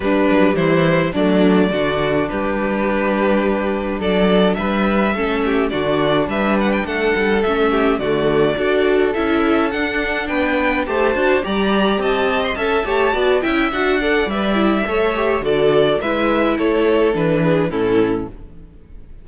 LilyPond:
<<
  \new Staff \with { instrumentName = "violin" } { \time 4/4 \tempo 4 = 105 b'4 c''4 d''2 | b'2. d''4 | e''2 d''4 e''8 fis''16 g''16 | fis''4 e''4 d''2 |
e''4 fis''4 g''4 a''4 | ais''4 a''8. c'''16 a''4. g''8 | fis''4 e''2 d''4 | e''4 cis''4 b'4 a'4 | }
  \new Staff \with { instrumentName = "violin" } { \time 4/4 d'4 e'4 d'4 fis'4 | g'2. a'4 | b'4 a'8 g'8 fis'4 b'4 | a'4. g'8 fis'4 a'4~ |
a'2 b'4 c''4 | d''4 dis''4 e''8 cis''8 d''8 e''8~ | e''8 d''4. cis''4 a'4 | b'4 a'4. gis'8 e'4 | }
  \new Staff \with { instrumentName = "viola" } { \time 4/4 g2 a4 d'4~ | d'1~ | d'4 cis'4 d'2~ | d'4 cis'4 a4 fis'4 |
e'4 d'2 g'8 fis'8 | g'2 a'8 g'8 fis'8 e'8 | fis'8 a'8 b'8 e'8 a'8 g'8 fis'4 | e'2 d'4 cis'4 | }
  \new Staff \with { instrumentName = "cello" } { \time 4/4 g8 fis8 e4 fis4 d4 | g2. fis4 | g4 a4 d4 g4 | a8 g8 a4 d4 d'4 |
cis'4 d'4 b4 a8 d'8 | g4 c'4 cis'8 a8 b8 cis'8 | d'4 g4 a4 d4 | gis4 a4 e4 a,4 | }
>>